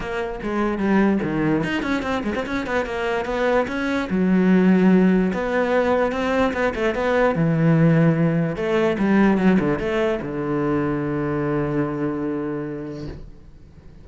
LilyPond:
\new Staff \with { instrumentName = "cello" } { \time 4/4 \tempo 4 = 147 ais4 gis4 g4 dis4 | dis'8 cis'8 c'8 gis16 c'16 cis'8 b8 ais4 | b4 cis'4 fis2~ | fis4 b2 c'4 |
b8 a8 b4 e2~ | e4 a4 g4 fis8 d8 | a4 d2.~ | d1 | }